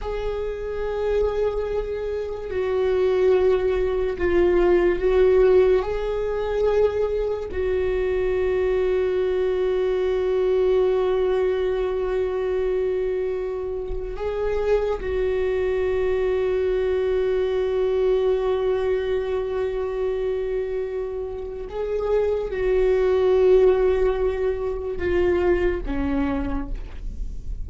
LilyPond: \new Staff \with { instrumentName = "viola" } { \time 4/4 \tempo 4 = 72 gis'2. fis'4~ | fis'4 f'4 fis'4 gis'4~ | gis'4 fis'2.~ | fis'1~ |
fis'4 gis'4 fis'2~ | fis'1~ | fis'2 gis'4 fis'4~ | fis'2 f'4 cis'4 | }